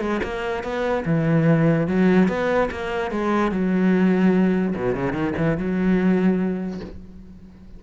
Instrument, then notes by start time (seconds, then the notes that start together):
cello
0.00 G#3
0.23 A#3
0.63 B3
1.05 E3
1.87 F#3
2.28 B3
2.71 A#3
3.11 G#3
3.51 F#3
4.75 B2
4.95 C#3
5.13 D#3
5.37 E3
5.57 F#3